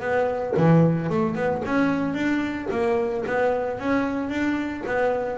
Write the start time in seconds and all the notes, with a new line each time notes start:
0.00 B3
0.56 E3
1.09 A3
1.35 B3
1.65 C#4
2.14 D4
2.70 A#3
3.26 B3
3.79 C#4
4.29 D4
4.86 B3